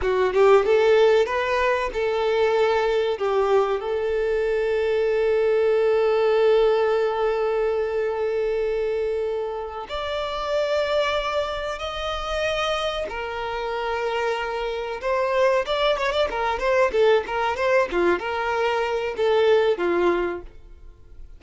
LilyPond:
\new Staff \with { instrumentName = "violin" } { \time 4/4 \tempo 4 = 94 fis'8 g'8 a'4 b'4 a'4~ | a'4 g'4 a'2~ | a'1~ | a'2.~ a'8 d''8~ |
d''2~ d''8 dis''4.~ | dis''8 ais'2. c''8~ | c''8 d''8 cis''16 d''16 ais'8 c''8 a'8 ais'8 c''8 | f'8 ais'4. a'4 f'4 | }